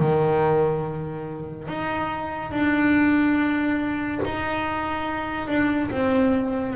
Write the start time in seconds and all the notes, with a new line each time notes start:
0.00 D#3
1.69 D#4
2.52 D4
4.25 D#4
5.48 D4
5.91 C4